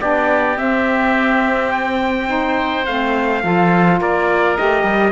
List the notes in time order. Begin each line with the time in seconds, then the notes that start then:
0.00 B3 D4 G4 D5
0.56 C4 E5
1.71 G5
2.27 D#4 C5
2.86 A3 C4 F5
3.42 F3 F4 A4
4.00 A#3 A#4 D5
4.56 A3 G4 D#5
4.83 G3